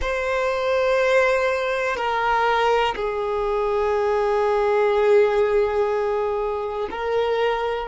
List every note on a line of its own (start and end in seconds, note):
0.00 1.96 C5
1.96 2.95 A#4
2.95 6.89 G#4
6.90 7.88 A#4